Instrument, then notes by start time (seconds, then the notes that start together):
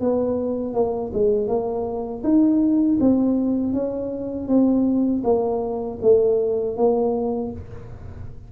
tuba
0.00 B3
0.74 A#3
1.13 G#3
1.47 A#3
2.23 D#4
3.00 C4
3.73 C#4
4.48 C4
5.24 A#3
6.02 A3
6.76 A#3